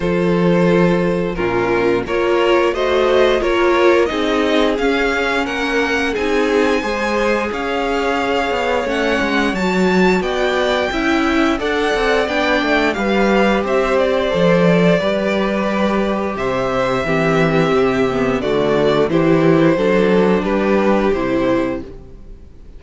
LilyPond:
<<
  \new Staff \with { instrumentName = "violin" } { \time 4/4 \tempo 4 = 88 c''2 ais'4 cis''4 | dis''4 cis''4 dis''4 f''4 | fis''4 gis''2 f''4~ | f''4 fis''4 a''4 g''4~ |
g''4 fis''4 g''4 f''4 | e''8 d''2.~ d''8 | e''2. d''4 | c''2 b'4 c''4 | }
  \new Staff \with { instrumentName = "violin" } { \time 4/4 a'2 f'4 ais'4 | c''4 ais'4 gis'2 | ais'4 gis'4 c''4 cis''4~ | cis''2. d''4 |
e''4 d''2 b'4 | c''2 b'2 | c''4 g'2 fis'4 | g'4 a'4 g'2 | }
  \new Staff \with { instrumentName = "viola" } { \time 4/4 f'2 cis'4 f'4 | fis'4 f'4 dis'4 cis'4~ | cis'4 dis'4 gis'2~ | gis'4 cis'4 fis'2 |
e'4 a'4 d'4 g'4~ | g'4 a'4 g'2~ | g'4 c'4. b8 a4 | e'4 d'2 e'4 | }
  \new Staff \with { instrumentName = "cello" } { \time 4/4 f2 ais,4 ais4 | a4 ais4 c'4 cis'4 | ais4 c'4 gis4 cis'4~ | cis'8 b8 a8 gis8 fis4 b4 |
cis'4 d'8 c'8 b8 a8 g4 | c'4 f4 g2 | c4 e4 c4 d4 | e4 fis4 g4 c4 | }
>>